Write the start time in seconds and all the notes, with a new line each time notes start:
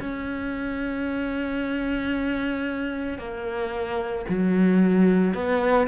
0.00 C#4
3.19 A#3
4.29 F#3
5.34 B3